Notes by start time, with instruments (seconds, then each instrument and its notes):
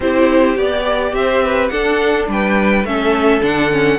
0.00 cello C4, viola E4, violin G4 C5
0.57 cello B3, viola G4, violin D5
1.12 cello C4, violin C5 E5
1.44 violin B4
1.68 viola D4, cello D4, violin A4 F#5
2.27 cello G3, violin B4 G5
2.84 cello A3, viola C#4, violin A4 E5
3.41 cello D3, viola D4, violin F#5
3.70 viola C#4